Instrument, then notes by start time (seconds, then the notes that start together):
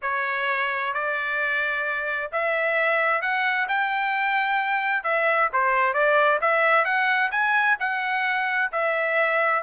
trumpet
0.02 C#5
0.93 D5
2.32 E5
3.21 F#5
3.68 G5
5.03 E5
5.53 C5
5.93 D5
6.41 E5
6.84 F#5
7.31 G#5
7.79 F#5
8.71 E5